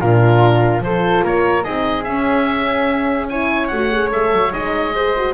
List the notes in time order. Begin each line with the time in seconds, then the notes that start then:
0.00 A#2 D4 F4 A#4
0.80 F3 F4 A4 C5
1.24 A#3 A#4 C#5
1.63 C4 D#4 G#4 D#5
2.04 C#4 E5
3.29 E4 C#5 G#5
3.68 A3 F#4 F#5
3.92 G#4
4.10 G#3 A4 E5
4.32 F#3
4.53 G#3 D#4 D#5
4.95 G#4 C5
5.17 F#4